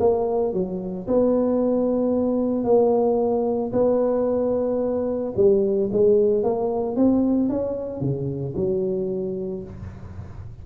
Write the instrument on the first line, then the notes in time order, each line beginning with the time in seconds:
tuba
0.00 A#3
0.54 F#3
1.08 B3
2.65 A#3
3.73 B3
5.37 G3
5.93 G#3
6.44 A#3
6.97 C4
7.50 C#4
8.01 C#3
8.57 F#3